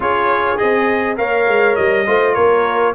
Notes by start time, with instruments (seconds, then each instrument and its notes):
0.00 tuba C#4, trombone F4, horn G#4, trumpet C#5
0.57 tuba C4, trombone G#4, trumpet D#5
1.16 tuba A#3, trombone A#4, horn C#5, trumpet F5
1.47 tuba G#3
1.75 tuba G3, trumpet D#5
2.06 tuba A3, trombone F4, horn C5
2.34 tuba A#3, horn A#4, trumpet C#5